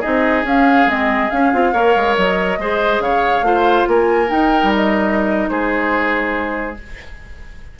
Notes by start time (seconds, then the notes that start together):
0.00 C4 D#4 G#4 D#5
0.43 C#4 F5
0.86 G#3 C4 D#5
1.30 C#4 F5
1.53 C4 F4
1.73 A#3 A#4 C#5
1.96 G#3
2.17 F#3 D#5
2.58 G#3 G#4 C5
2.99 C#3 C#5 F5
3.42 A3 F4 C5
3.88 A#3 A#4 G#5
4.27 D#4 G5
4.63 G3
4.75 D#5
5.49 G#3 G#4 C5